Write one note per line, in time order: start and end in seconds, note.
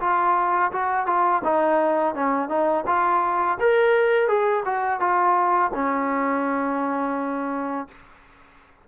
0.00 0.71 F4
0.72 1.06 F#4
1.06 1.42 F4
1.44 2.15 D#4
2.15 2.48 C#4
2.48 2.84 D#4
2.86 3.58 F4
3.60 4.28 A#4
4.28 4.64 G#4
4.65 5.00 F#4
5.00 5.71 F4
5.74 7.88 C#4